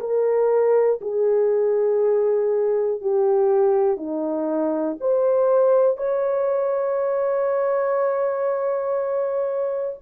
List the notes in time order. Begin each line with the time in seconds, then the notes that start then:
0.00 A#4
1.01 G#4
3.01 G4
3.97 D#4
5.00 C5
5.97 C#5